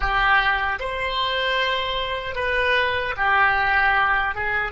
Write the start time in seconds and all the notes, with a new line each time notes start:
0.00 G4
0.79 C5
2.35 B4
3.17 G4
4.34 G#4